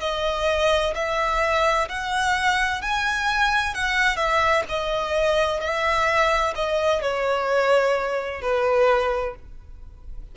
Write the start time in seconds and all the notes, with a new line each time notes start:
0.00 D#5
0.95 E5
1.89 F#5
2.82 G#5
3.74 F#5
4.16 E5
4.69 D#5
5.60 E5
6.55 D#5
7.01 C#5
8.41 B4